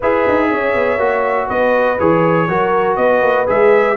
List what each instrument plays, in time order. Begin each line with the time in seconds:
0.00 tuba E4, trombone G#4, horn B4, trumpet E5
0.28 tuba D#4
0.50 tuba C#4, horn C#5
0.74 tuba B3
0.97 tuba A#3, trombone F#4
1.47 tuba B3, horn B4, trumpet D#5
1.99 tuba E3, trombone G#4, trumpet C#5
2.48 tuba F#3, trombone F#4, horn A#4
2.95 tuba B3, horn B4, trumpet D#5
3.22 tuba A#3
3.46 tuba G#3, trombone G#4, trumpet E5